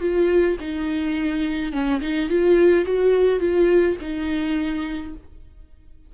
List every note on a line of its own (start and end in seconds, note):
0.00 0.57 F4
0.60 1.72 D#4
1.72 2.00 C#4
2.01 2.29 D#4
2.29 2.85 F4
2.85 3.39 F#4
3.39 3.96 F4
4.01 5.14 D#4